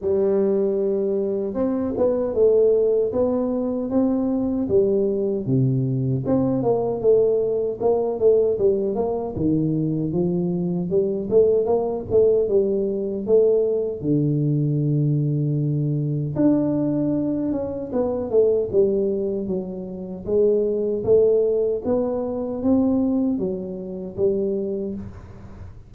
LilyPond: \new Staff \with { instrumentName = "tuba" } { \time 4/4 \tempo 4 = 77 g2 c'8 b8 a4 | b4 c'4 g4 c4 | c'8 ais8 a4 ais8 a8 g8 ais8 | dis4 f4 g8 a8 ais8 a8 |
g4 a4 d2~ | d4 d'4. cis'8 b8 a8 | g4 fis4 gis4 a4 | b4 c'4 fis4 g4 | }